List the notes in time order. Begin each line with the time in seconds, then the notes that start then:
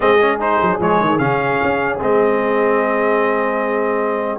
0.00 G#3 C4 G#4 D#5
0.21 C#4
0.39 D#4 C5
0.61 F#3
0.79 F3 G#3 C#5
1.00 D#3
1.18 C#3 C#4 F5
1.62 C#4
2.00 G#3 C4 D#5